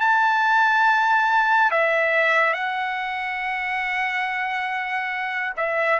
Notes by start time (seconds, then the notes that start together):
0.00 A5
1.71 E5
2.54 F#5
5.57 E5